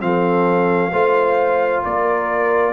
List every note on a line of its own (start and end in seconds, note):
0.00 0.92 F3
0.00 0.91 C4
0.00 0.91 A4
0.00 1.83 F5
0.91 1.83 A3
0.91 2.73 F4
0.91 1.82 C5
1.83 2.73 A#3
1.83 2.73 A#4
1.83 2.73 D5